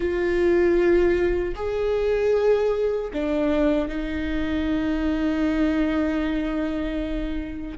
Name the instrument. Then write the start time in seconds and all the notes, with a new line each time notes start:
viola
0.00 F4
1.55 G#4
3.13 D4
3.88 D#4